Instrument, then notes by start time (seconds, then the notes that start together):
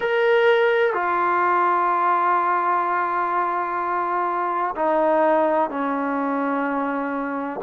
trombone
0.00 A#4
0.93 F4
4.75 D#4
5.70 C#4